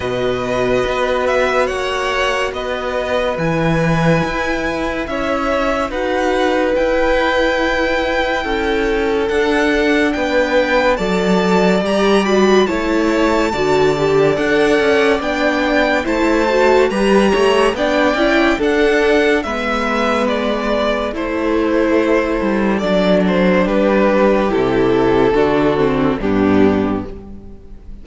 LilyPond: <<
  \new Staff \with { instrumentName = "violin" } { \time 4/4 \tempo 4 = 71 dis''4. e''8 fis''4 dis''4 | gis''2 e''4 fis''4 | g''2. fis''4 | g''4 a''4 ais''8 b''8 a''4~ |
a''4 fis''4 g''4 a''4 | ais''4 g''4 fis''4 e''4 | d''4 c''2 d''8 c''8 | b'4 a'2 g'4 | }
  \new Staff \with { instrumentName = "violin" } { \time 4/4 b'2 cis''4 b'4~ | b'2 cis''4 b'4~ | b'2 a'2 | b'4 d''2 cis''4 |
d''2. c''4 | b'8 cis''8 d''4 a'4 b'4~ | b'4 a'2. | g'2 fis'4 d'4 | }
  \new Staff \with { instrumentName = "viola" } { \time 4/4 fis'1 | e'2. fis'4 | e'2. d'4~ | d'4 a'4 g'8 fis'8 e'4 |
fis'8 g'8 a'4 d'4 e'8 fis'8 | g'4 d'8 e'8 d'4 b4~ | b4 e'2 d'4~ | d'4 e'4 d'8 c'8 b4 | }
  \new Staff \with { instrumentName = "cello" } { \time 4/4 b,4 b4 ais4 b4 | e4 e'4 cis'4 dis'4 | e'2 cis'4 d'4 | b4 fis4 g4 a4 |
d4 d'8 cis'8 b4 a4 | g8 a8 b8 cis'8 d'4 gis4~ | gis4 a4. g8 fis4 | g4 c4 d4 g,4 | }
>>